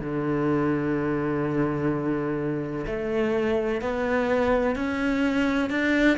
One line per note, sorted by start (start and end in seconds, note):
0.00 2.86 D3
2.87 3.81 A3
3.81 4.75 B3
4.75 5.70 C#4
5.70 6.18 D4